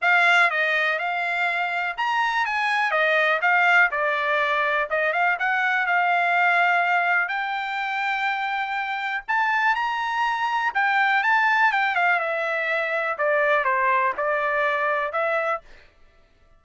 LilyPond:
\new Staff \with { instrumentName = "trumpet" } { \time 4/4 \tempo 4 = 123 f''4 dis''4 f''2 | ais''4 gis''4 dis''4 f''4 | d''2 dis''8 f''8 fis''4 | f''2. g''4~ |
g''2. a''4 | ais''2 g''4 a''4 | g''8 f''8 e''2 d''4 | c''4 d''2 e''4 | }